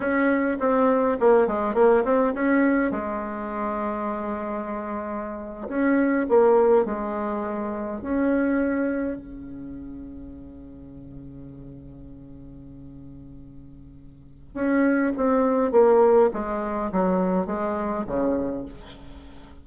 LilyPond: \new Staff \with { instrumentName = "bassoon" } { \time 4/4 \tempo 4 = 103 cis'4 c'4 ais8 gis8 ais8 c'8 | cis'4 gis2.~ | gis4.~ gis16 cis'4 ais4 gis16~ | gis4.~ gis16 cis'2 cis16~ |
cis1~ | cis1~ | cis4 cis'4 c'4 ais4 | gis4 fis4 gis4 cis4 | }